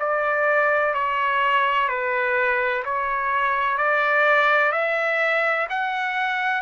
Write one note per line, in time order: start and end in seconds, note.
0.00 0.94 D5
0.94 1.88 C#5
1.88 2.84 B4
2.85 3.77 C#5
3.77 4.72 D5
4.72 5.67 E5
5.70 6.62 F#5